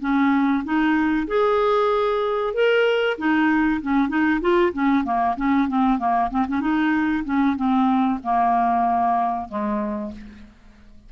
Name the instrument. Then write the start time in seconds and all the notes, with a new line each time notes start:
clarinet
0.00 C#4
0.64 D#4
1.27 G#4
2.53 A#4
3.18 D#4
3.82 C#4
4.09 D#4
4.41 F4
4.73 C#4
5.04 A#3
5.37 C#4
5.68 C4
5.98 A#3
6.30 C4
6.48 C#4
6.60 D#4
7.24 C#4
7.56 C4
8.23 A#3
9.48 G#3